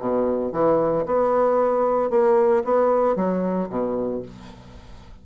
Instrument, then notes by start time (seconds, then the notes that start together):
bassoon
0.00 B2
0.53 E3
1.06 B3
2.11 A#3
2.65 B3
3.16 F#3
3.70 B2